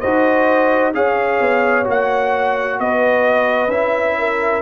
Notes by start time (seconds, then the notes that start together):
0.00 D#4 F#4 C5 D#5
0.94 C#4 G#4 C#5 F5
1.41 B3
1.84 A#3 F#4 F#5
2.79 B3 B4 D#5
3.68 C#4 E4 E5
4.18 A#4